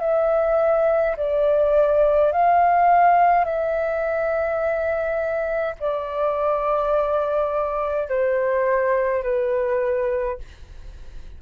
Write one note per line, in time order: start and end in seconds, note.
0.00 1.15 E5
1.16 2.32 D5
2.32 3.44 F5
3.44 5.75 E5
5.80 8.08 D5
8.08 9.23 C5
9.23 10.38 B4